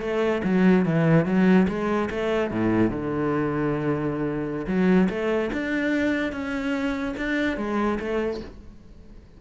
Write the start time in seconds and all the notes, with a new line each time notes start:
0.00 A3
0.44 F#3
0.85 E3
1.25 F#3
1.68 G#3
2.10 A3
2.51 A2
2.90 D3
4.67 F#3
5.09 A3
5.52 D4
6.32 C#4
7.17 D4
7.57 G#3
7.99 A3